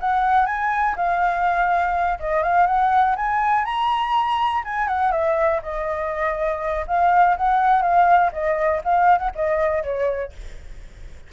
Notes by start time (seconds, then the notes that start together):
0.00 F#5
0.46 G#5
0.96 F5
2.20 D#5
2.43 F5
2.67 F#5
3.16 G#5
3.65 A#5
4.65 G#5
4.88 F#5
5.12 E5
5.63 D#5
6.87 F5
7.37 F#5
7.82 F5
8.32 D#5
8.84 F5
9.18 F#5
9.35 D#5
9.84 C#5